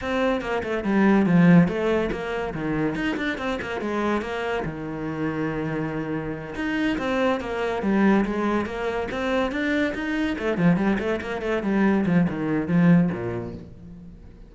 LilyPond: \new Staff \with { instrumentName = "cello" } { \time 4/4 \tempo 4 = 142 c'4 ais8 a8 g4 f4 | a4 ais4 dis4 dis'8 d'8 | c'8 ais8 gis4 ais4 dis4~ | dis2.~ dis8 dis'8~ |
dis'8 c'4 ais4 g4 gis8~ | gis8 ais4 c'4 d'4 dis'8~ | dis'8 a8 f8 g8 a8 ais8 a8 g8~ | g8 f8 dis4 f4 ais,4 | }